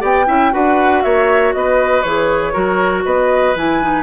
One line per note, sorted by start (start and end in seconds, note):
0.00 0.27 B3
0.00 0.25 G4
0.00 0.26 D5
0.00 0.54 G5
0.26 0.52 C#4
0.26 0.52 E4
0.26 0.53 E5
0.52 1.04 D4
0.52 2.03 F#4
0.52 1.04 B4
0.52 1.02 F#5
1.02 1.54 A#3
1.02 1.54 C#5
1.02 1.53 E5
1.53 2.04 B3
1.53 2.53 B4
1.53 2.02 D#5
2.02 2.55 E3
2.02 2.53 G#4
2.02 3.03 C#5
2.53 3.05 F#3
2.53 3.54 F#4
2.53 3.04 A#4
3.05 3.56 B3
3.05 4.03 B4
3.05 3.56 D#5
3.56 4.03 E3
3.56 3.82 E4
3.56 4.03 G#5
3.82 4.03 D#4